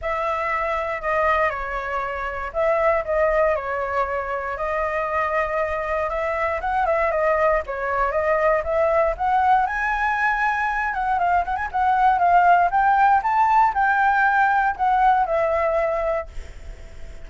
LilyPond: \new Staff \with { instrumentName = "flute" } { \time 4/4 \tempo 4 = 118 e''2 dis''4 cis''4~ | cis''4 e''4 dis''4 cis''4~ | cis''4 dis''2. | e''4 fis''8 e''8 dis''4 cis''4 |
dis''4 e''4 fis''4 gis''4~ | gis''4. fis''8 f''8 fis''16 gis''16 fis''4 | f''4 g''4 a''4 g''4~ | g''4 fis''4 e''2 | }